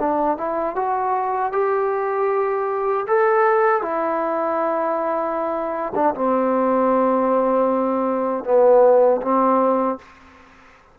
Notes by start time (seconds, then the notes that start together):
0.00 D4
0.38 E4
0.76 F#4
1.53 G4
3.08 A4
3.82 E4
5.95 D4
6.15 C4
8.44 B3
9.22 C4